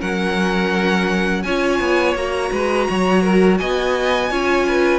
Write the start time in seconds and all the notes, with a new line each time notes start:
0.00 F#3 C#4 A#4 F#5
1.43 C#4 F4 C#5 G#5
1.80 B3
2.15 A#3 F#4 A#5
2.52 G#3 B4
2.90 F#3 C#5
3.23 A#4
3.58 B3 D#5 G#5
4.31 C#4 F4 C#5
4.68 B4